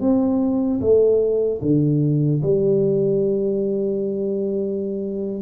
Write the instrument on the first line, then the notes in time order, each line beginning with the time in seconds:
tuba
0.00 C4
0.80 A3
1.61 D3
2.43 G3